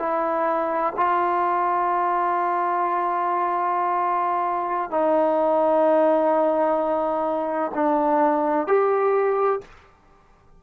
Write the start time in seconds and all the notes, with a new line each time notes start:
0.00 E4
0.97 F4
4.91 D#4
7.75 D4
8.68 G4